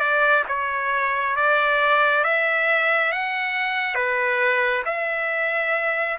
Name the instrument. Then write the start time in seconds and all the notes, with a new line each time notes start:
trumpet
0.00 D5
0.48 C#5
1.36 D5
2.25 E5
3.12 F#5
3.95 B4
4.86 E5